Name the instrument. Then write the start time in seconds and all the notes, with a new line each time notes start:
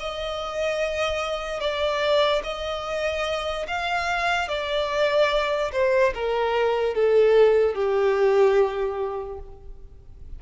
violin
0.00 D#5
1.60 D5
2.43 D#5
3.67 F5
4.48 D5
5.72 C5
6.14 A#4
6.95 A4
7.75 G4